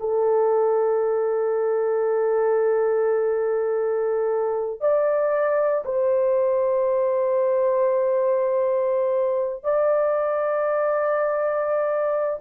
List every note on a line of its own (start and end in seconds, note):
0.00 4.81 A4
4.81 5.84 D5
5.85 9.64 C5
9.64 12.40 D5